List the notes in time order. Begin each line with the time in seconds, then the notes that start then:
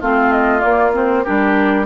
0.00 A3 C4 F4 F5
0.32 D#5
0.60 A#3 D5
0.93 C4 C5
1.24 G3 D4 G4 A#4